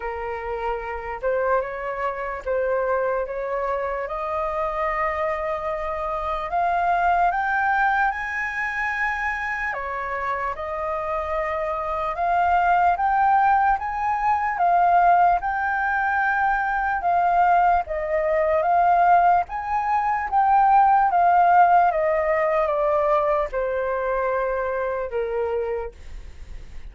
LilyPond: \new Staff \with { instrumentName = "flute" } { \time 4/4 \tempo 4 = 74 ais'4. c''8 cis''4 c''4 | cis''4 dis''2. | f''4 g''4 gis''2 | cis''4 dis''2 f''4 |
g''4 gis''4 f''4 g''4~ | g''4 f''4 dis''4 f''4 | gis''4 g''4 f''4 dis''4 | d''4 c''2 ais'4 | }